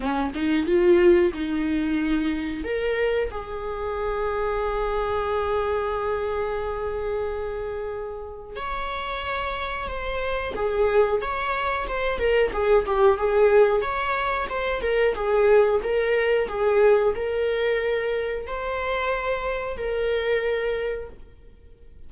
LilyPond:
\new Staff \with { instrumentName = "viola" } { \time 4/4 \tempo 4 = 91 cis'8 dis'8 f'4 dis'2 | ais'4 gis'2.~ | gis'1~ | gis'4 cis''2 c''4 |
gis'4 cis''4 c''8 ais'8 gis'8 g'8 | gis'4 cis''4 c''8 ais'8 gis'4 | ais'4 gis'4 ais'2 | c''2 ais'2 | }